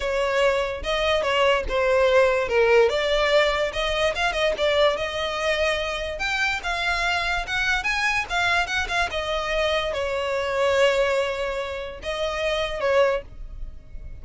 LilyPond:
\new Staff \with { instrumentName = "violin" } { \time 4/4 \tempo 4 = 145 cis''2 dis''4 cis''4 | c''2 ais'4 d''4~ | d''4 dis''4 f''8 dis''8 d''4 | dis''2. g''4 |
f''2 fis''4 gis''4 | f''4 fis''8 f''8 dis''2 | cis''1~ | cis''4 dis''2 cis''4 | }